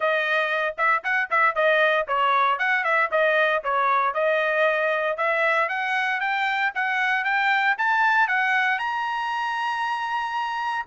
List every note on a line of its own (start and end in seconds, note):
0.00 0.75 D#5
0.77 1.03 E5
1.03 1.29 F#5
1.30 1.55 E5
1.55 2.07 D#5
2.07 2.58 C#5
2.58 2.84 F#5
2.84 3.09 E5
3.11 3.63 D#5
3.63 4.14 C#5
4.14 5.17 D#5
5.17 5.68 E5
5.68 6.20 F#5
6.20 6.71 G5
6.75 7.24 F#5
7.24 7.76 G5
7.78 8.27 A5
8.27 8.78 F#5
8.78 10.85 A#5